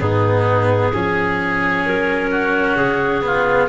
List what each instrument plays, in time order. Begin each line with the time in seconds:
0.00 tuba G#2, cello B3, oboe D#4, clarinet G#4
0.92 tuba F3, cello C#4, oboe G#4
1.86 tuba F#3, clarinet A#4
2.31 oboe F#4
2.76 tuba C#3, clarinet G#4
3.22 cello B3, oboe F4